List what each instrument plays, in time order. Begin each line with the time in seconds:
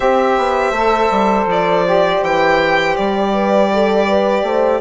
0.00 bassoon C4, saxophone G4, horn C5, violin E5
0.37 bassoon B3
0.71 bassoon A3, saxophone A4
1.10 bassoon G3
1.46 bassoon F3, violin D5
1.85 saxophone G4
2.22 bassoon E3, violin G5
2.96 bassoon G3, violin D5
3.33 horn B4
3.73 horn A4
4.07 horn B4
4.42 bassoon A3, horn C5